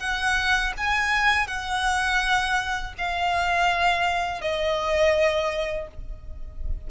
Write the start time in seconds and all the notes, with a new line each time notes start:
0.00 F#5
0.77 G#5
1.48 F#5
2.98 F5
4.42 D#5